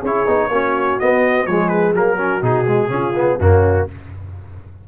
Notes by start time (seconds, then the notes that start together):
0.00 C#4 E4 G#4 C#5
0.26 B3 D#4
0.49 A#3 C#4 F#4
0.99 B3 D#5
1.46 F3 G#3 G#4 C#5
1.68 B4
1.93 F#3 A#3 A#4
2.16 C#4 F#4
2.42 B2 D#4 G#4
2.67 G#3
2.89 C#3 C#4 F4
3.15 B3
3.38 F#2 A#3 C#4 F#4